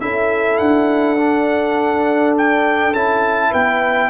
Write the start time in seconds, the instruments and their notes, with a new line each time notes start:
0.00 tuba C#4, trombone E4, horn A4, trumpet E5
0.57 tuba D4, trumpet F#5
1.17 trombone D4
2.37 trumpet G5
2.93 tuba C#4, trombone E4, trumpet A5
3.50 tuba B3, horn B4, trumpet G5